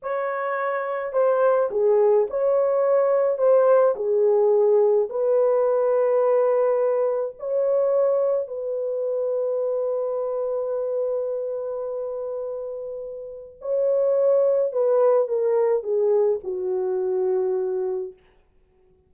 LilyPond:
\new Staff \with { instrumentName = "horn" } { \time 4/4 \tempo 4 = 106 cis''2 c''4 gis'4 | cis''2 c''4 gis'4~ | gis'4 b'2.~ | b'4 cis''2 b'4~ |
b'1~ | b'1 | cis''2 b'4 ais'4 | gis'4 fis'2. | }